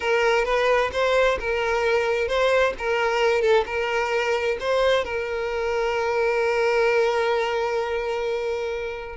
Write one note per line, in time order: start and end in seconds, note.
0.00 0.45 A#4
0.45 0.90 B4
0.92 1.38 C5
1.39 2.28 A#4
2.28 2.73 C5
2.78 3.41 A#4
3.41 3.64 A4
3.66 4.57 A#4
4.60 5.04 C5
5.04 9.16 A#4